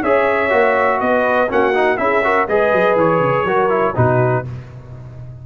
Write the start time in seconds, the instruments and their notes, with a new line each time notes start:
0.00 tuba C#4, trombone G#4, horn C#5, trumpet E5
0.49 tuba A#3, trombone F#4
1.00 tuba B3, horn B4, trumpet D#5
1.49 tuba A#3, trombone C#4, horn F#4, trumpet F#5
1.73 trombone D#4
1.97 tuba C#4, trombone E4, horn G#4, trumpet E5
2.24 trombone F#4, horn A#4
2.47 tuba G#3, trombone G#4, horn B4, trumpet D#5
2.72 tuba F#3
2.95 tuba E3, trumpet C#5
3.19 tuba C#3
3.44 tuba F#3, trombone F#4, horn A#4
3.69 trombone E4
3.94 tuba B2, trombone D#4, horn F#4, trumpet B4